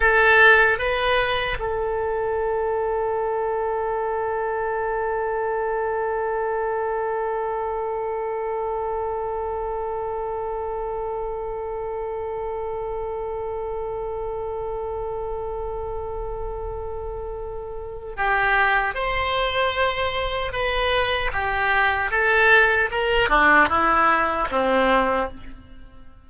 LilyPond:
\new Staff \with { instrumentName = "oboe" } { \time 4/4 \tempo 4 = 76 a'4 b'4 a'2~ | a'1~ | a'1~ | a'1~ |
a'1~ | a'2. g'4 | c''2 b'4 g'4 | a'4 ais'8 d'8 e'4 c'4 | }